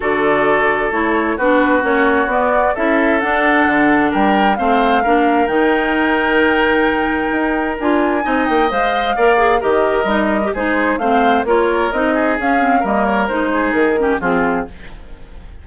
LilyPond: <<
  \new Staff \with { instrumentName = "flute" } { \time 4/4 \tempo 4 = 131 d''2 cis''4 b'4 | cis''4 d''4 e''4 fis''4~ | fis''4 g''4 f''2 | g''1~ |
g''4 gis''4. g''8 f''4~ | f''4 dis''2 c''4 | f''4 cis''4 dis''4 f''4 | dis''8 cis''8 c''4 ais'4 gis'4 | }
  \new Staff \with { instrumentName = "oboe" } { \time 4/4 a'2. fis'4~ | fis'2 a'2~ | a'4 ais'4 c''4 ais'4~ | ais'1~ |
ais'2 dis''2 | d''4 ais'2 gis'4 | c''4 ais'4. gis'4. | ais'4. gis'4 g'8 f'4 | }
  \new Staff \with { instrumentName = "clarinet" } { \time 4/4 fis'2 e'4 d'4 | cis'4 b4 e'4 d'4~ | d'2 c'4 d'4 | dis'1~ |
dis'4 f'4 dis'4 c''4 | ais'8 gis'8 g'4 dis'8. g'16 dis'4 | c'4 f'4 dis'4 cis'8 c'8 | ais4 dis'4. cis'8 c'4 | }
  \new Staff \with { instrumentName = "bassoon" } { \time 4/4 d2 a4 b4 | ais4 b4 cis'4 d'4 | d4 g4 a4 ais4 | dis1 |
dis'4 d'4 c'8 ais8 gis4 | ais4 dis4 g4 gis4 | a4 ais4 c'4 cis'4 | g4 gis4 dis4 f4 | }
>>